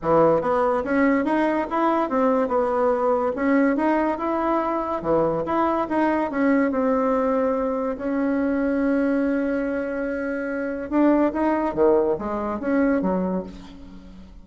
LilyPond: \new Staff \with { instrumentName = "bassoon" } { \time 4/4 \tempo 4 = 143 e4 b4 cis'4 dis'4 | e'4 c'4 b2 | cis'4 dis'4 e'2 | e4 e'4 dis'4 cis'4 |
c'2. cis'4~ | cis'1~ | cis'2 d'4 dis'4 | dis4 gis4 cis'4 fis4 | }